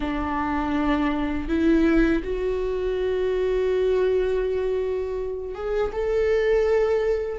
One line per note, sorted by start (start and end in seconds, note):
0.00 1.48 D4
1.48 2.22 E4
2.23 5.54 F#4
5.54 5.91 G#4
5.92 7.38 A4